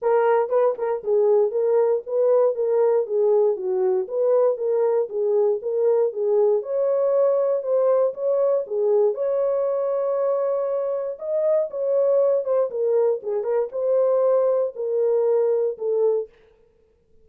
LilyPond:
\new Staff \with { instrumentName = "horn" } { \time 4/4 \tempo 4 = 118 ais'4 b'8 ais'8 gis'4 ais'4 | b'4 ais'4 gis'4 fis'4 | b'4 ais'4 gis'4 ais'4 | gis'4 cis''2 c''4 |
cis''4 gis'4 cis''2~ | cis''2 dis''4 cis''4~ | cis''8 c''8 ais'4 gis'8 ais'8 c''4~ | c''4 ais'2 a'4 | }